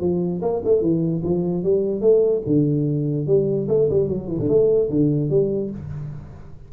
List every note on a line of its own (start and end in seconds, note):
0.00 0.41 F3
0.42 0.62 A#3
0.65 0.81 A3
0.81 1.22 E3
1.23 1.63 F3
1.63 2.01 G3
2.01 2.42 A3
2.46 3.27 D3
3.27 3.67 G3
3.68 3.88 A3
3.90 4.08 G3
4.08 4.28 F#3
4.28 4.38 E3
4.39 4.49 D3
4.49 4.89 A3
4.90 5.30 D3
5.30 5.71 G3